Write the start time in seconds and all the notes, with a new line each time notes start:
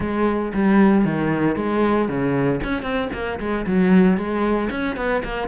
0.00 G#3
0.53 G3
1.04 D#3
1.56 G#3
2.08 C#3
2.63 C#4
2.82 C4
3.13 A#3
3.39 G#3
3.66 F#3
4.17 G#3
4.70 C#4
4.96 B3
5.24 A#3